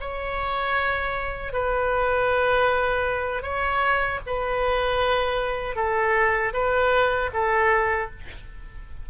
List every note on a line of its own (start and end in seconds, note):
0.00 1.52 C#5
1.52 3.42 B4
3.42 4.19 C#5
4.26 5.76 B4
5.76 6.52 A4
6.53 7.30 B4
7.33 8.10 A4